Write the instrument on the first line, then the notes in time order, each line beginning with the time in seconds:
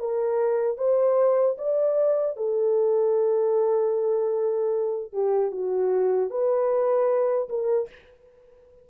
horn
0.00 A#4
0.78 C5
1.58 D5
2.37 A4
5.13 G4
5.52 F#4
6.31 B4
7.50 A#4